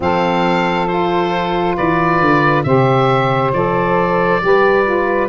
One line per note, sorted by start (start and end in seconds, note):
0.00 1.77 F3
0.00 0.87 C4
0.00 1.75 A4
0.00 0.87 F5
0.87 2.64 F4
0.87 1.76 C5
1.75 2.20 E3
1.75 2.64 B4
1.75 2.63 D5
2.20 2.64 D3
2.63 3.52 C3
2.63 3.53 G4
2.63 4.42 C5
2.63 3.51 E5
3.52 4.40 F3
3.52 4.40 A4
3.52 5.28 D5
4.40 5.28 G3
4.40 4.84 G4
4.40 5.28 B4
4.84 5.28 F4